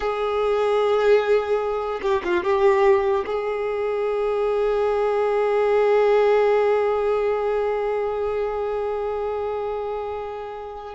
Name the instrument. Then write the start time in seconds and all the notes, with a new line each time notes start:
violin
0.00 G#4
2.02 G4
2.24 F4
2.43 G4
3.26 G#4